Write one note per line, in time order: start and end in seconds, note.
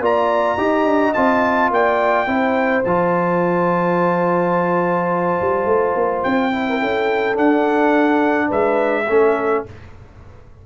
0.00 0.57 A#3
0.00 0.58 F4
0.00 0.58 D5
0.00 1.14 A#5
0.58 0.85 D#4
0.58 1.15 G4
0.58 1.71 D#5
0.85 1.14 D4
1.14 1.71 C4
1.14 2.27 F4
1.14 1.70 A5
1.71 2.27 A#3
1.71 2.29 D5
1.71 2.84 G5
2.27 2.83 C4
2.27 2.83 E4
2.27 6.67 C5
2.84 5.41 F3
2.84 6.52 F4
2.84 6.24 A5
5.41 5.66 G3
5.66 5.94 A3
5.96 6.24 A#3
6.24 6.82 C4
6.24 7.37 G5
6.52 7.35 E4
6.69 6.80 A#4
6.80 7.37 C#4
6.80 8.48 A4
7.35 9.05 D4
7.35 8.50 D4
7.35 8.51 F#5
8.48 9.08 G#3
8.48 9.05 B4
8.48 9.65 E5
9.08 9.65 A3
9.08 9.66 C#4
9.08 9.66 A4